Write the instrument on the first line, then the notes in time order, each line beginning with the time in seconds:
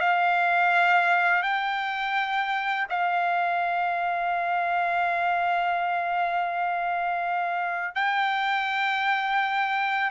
trumpet
0.00 F5
1.43 G5
2.90 F5
7.95 G5